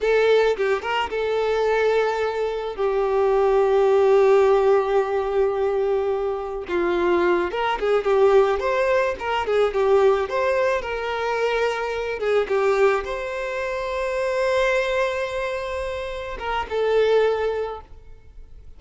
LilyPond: \new Staff \with { instrumentName = "violin" } { \time 4/4 \tempo 4 = 108 a'4 g'8 ais'8 a'2~ | a'4 g'2.~ | g'1 | f'4. ais'8 gis'8 g'4 c''8~ |
c''8 ais'8 gis'8 g'4 c''4 ais'8~ | ais'2 gis'8 g'4 c''8~ | c''1~ | c''4. ais'8 a'2 | }